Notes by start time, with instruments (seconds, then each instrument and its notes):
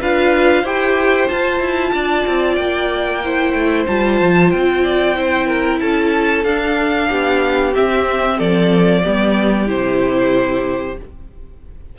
0.00 cello D4, viola F4, violin B4 F5
0.62 cello E4, viola G4, violin C5 G5
1.27 viola F4, cello F4, violin A5
1.60 cello E4
1.93 cello D4, violin D5
2.26 cello C4
2.54 cello A#3, violin G5
3.24 viola E4, violin C5
3.53 cello A3
3.87 cello G3, viola F4, violin A5
4.20 cello F3
4.50 cello C4, violin G5
4.83 violin D5
5.15 viola E4, violin C5
5.47 violin A#4
5.80 cello C#4, violin A4 A5
6.44 cello D4, viola D4, violin F5
7.08 cello B3, violin G4
7.72 viola C4, cello C4, violin E5
8.37 cello F3, violin A4 D5
9.03 cello G3, viola B3, violin G4
9.66 cello C3, viola E4, violin C5